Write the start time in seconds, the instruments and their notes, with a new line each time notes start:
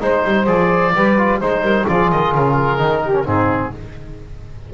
0.00 double bass G#3, trombone D#4, oboe C5, saxophone C5
0.24 double bass G3
0.46 double bass F3, trombone G#4, oboe D5
0.95 double bass G3, trombone G4, saxophone B4
1.18 trombone F4
1.39 double bass G#3, trombone D#4, saxophone C5, oboe C5
1.62 double bass G3, saxophone A#4
1.88 double bass F3, trombone F4, saxophone G#4, oboe D5
2.11 double bass D#3, oboe D#5
2.34 double bass C#3, oboe A#4
2.78 double bass D#3, trombone D#4
3.03 saxophone G4
3.13 trombone C#4
3.24 double bass G#2, trombone C4, saxophone D#4, oboe G#4